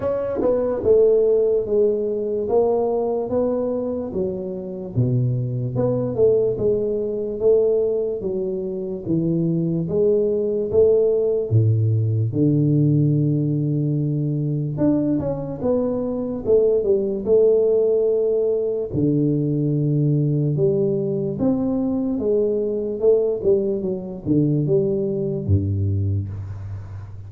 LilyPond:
\new Staff \with { instrumentName = "tuba" } { \time 4/4 \tempo 4 = 73 cis'8 b8 a4 gis4 ais4 | b4 fis4 b,4 b8 a8 | gis4 a4 fis4 e4 | gis4 a4 a,4 d4~ |
d2 d'8 cis'8 b4 | a8 g8 a2 d4~ | d4 g4 c'4 gis4 | a8 g8 fis8 d8 g4 g,4 | }